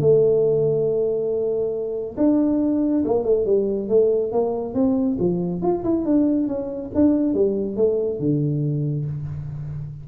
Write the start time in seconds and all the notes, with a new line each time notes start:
0.00 A3
2.17 D4
3.05 A#3
3.24 A3
3.46 G3
3.89 A3
4.32 A#3
4.74 C4
5.19 F3
5.62 F4
5.84 E4
6.05 D4
6.47 C#4
6.95 D4
7.34 G3
7.76 A3
8.19 D3